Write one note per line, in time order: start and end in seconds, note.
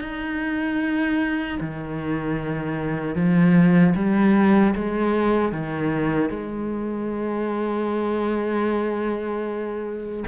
0.00 1.58 D#4
1.60 3.15 D#3
3.15 3.94 F3
3.95 4.74 G3
4.75 5.52 G#3
5.52 6.29 D#3
6.29 10.24 G#3